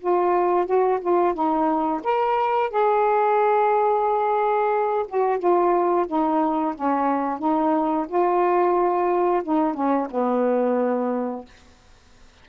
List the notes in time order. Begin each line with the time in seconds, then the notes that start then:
0.00 F4
0.66 F#4
1.01 F4
1.34 D#4
2.03 A#4
2.70 G#4
5.08 F#4
5.39 F4
6.07 D#4
6.75 C#4
7.39 D#4
8.08 F4
9.44 D#4
9.74 C#4
10.10 B3